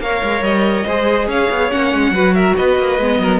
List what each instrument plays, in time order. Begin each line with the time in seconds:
0.00 cello A#3, viola A#4, violin C#5 F5
0.23 cello G#3
0.41 cello G3, violin D#5
0.86 cello G#3, viola G#4, violin C5
1.27 cello C#4, violin C#5 F5
1.50 cello B3
1.70 cello A#3, viola C#4, violin F#5
1.94 cello G#3
2.11 cello F#3, viola F#4, violin B4
2.34 violin A#4 E5
2.56 cello B3, violin B4 D#5
2.78 cello A#3
2.98 cello G#3, viola B3
3.19 cello F#3, violin A#4